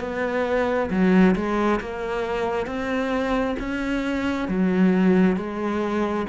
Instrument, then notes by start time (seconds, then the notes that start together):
cello
0.00 B3
0.90 F#3
1.35 G#3
1.80 A#3
2.66 C4
3.59 C#4
4.48 F#3
5.36 G#3